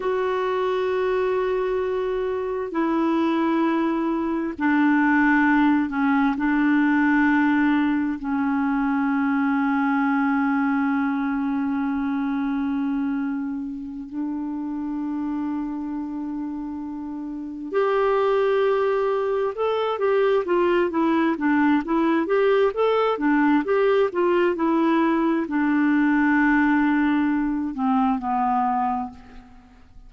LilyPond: \new Staff \with { instrumentName = "clarinet" } { \time 4/4 \tempo 4 = 66 fis'2. e'4~ | e'4 d'4. cis'8 d'4~ | d'4 cis'2.~ | cis'2.~ cis'8 d'8~ |
d'2.~ d'8 g'8~ | g'4. a'8 g'8 f'8 e'8 d'8 | e'8 g'8 a'8 d'8 g'8 f'8 e'4 | d'2~ d'8 c'8 b4 | }